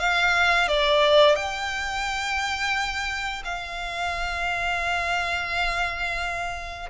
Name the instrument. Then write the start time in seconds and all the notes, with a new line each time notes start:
violin
0.00 F5
0.69 D5
1.36 G5
3.45 F5